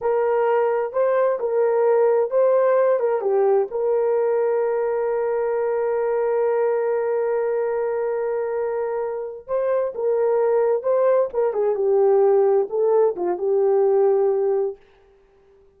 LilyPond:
\new Staff \with { instrumentName = "horn" } { \time 4/4 \tempo 4 = 130 ais'2 c''4 ais'4~ | ais'4 c''4. ais'8 g'4 | ais'1~ | ais'1~ |
ais'1~ | ais'8 c''4 ais'2 c''8~ | c''8 ais'8 gis'8 g'2 a'8~ | a'8 f'8 g'2. | }